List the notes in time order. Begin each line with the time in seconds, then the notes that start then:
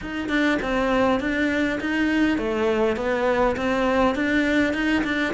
0.01 D#4
0.28 D4
0.62 C4
1.20 D4
1.80 D#4
2.38 A3
2.96 B3
3.56 C4
4.15 D4
4.73 D#4
5.04 D4